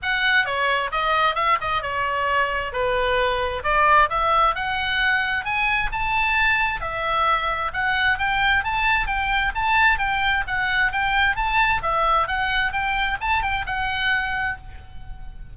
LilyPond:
\new Staff \with { instrumentName = "oboe" } { \time 4/4 \tempo 4 = 132 fis''4 cis''4 dis''4 e''8 dis''8 | cis''2 b'2 | d''4 e''4 fis''2 | gis''4 a''2 e''4~ |
e''4 fis''4 g''4 a''4 | g''4 a''4 g''4 fis''4 | g''4 a''4 e''4 fis''4 | g''4 a''8 g''8 fis''2 | }